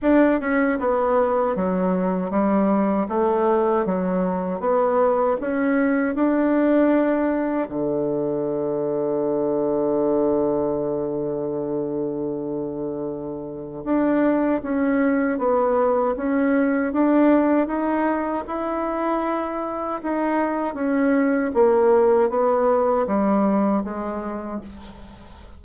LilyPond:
\new Staff \with { instrumentName = "bassoon" } { \time 4/4 \tempo 4 = 78 d'8 cis'8 b4 fis4 g4 | a4 fis4 b4 cis'4 | d'2 d2~ | d1~ |
d2 d'4 cis'4 | b4 cis'4 d'4 dis'4 | e'2 dis'4 cis'4 | ais4 b4 g4 gis4 | }